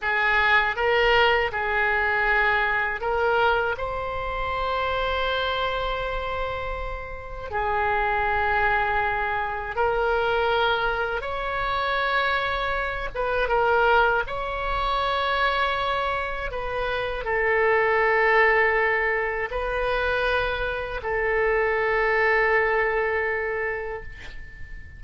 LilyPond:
\new Staff \with { instrumentName = "oboe" } { \time 4/4 \tempo 4 = 80 gis'4 ais'4 gis'2 | ais'4 c''2.~ | c''2 gis'2~ | gis'4 ais'2 cis''4~ |
cis''4. b'8 ais'4 cis''4~ | cis''2 b'4 a'4~ | a'2 b'2 | a'1 | }